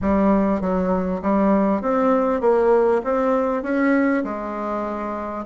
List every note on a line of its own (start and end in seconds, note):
0.01 0.61 G3
0.61 1.21 F#3
1.21 1.81 G3
1.81 2.40 C4
2.40 3.01 A#3
3.04 3.63 C4
3.63 4.23 C#4
4.24 5.45 G#3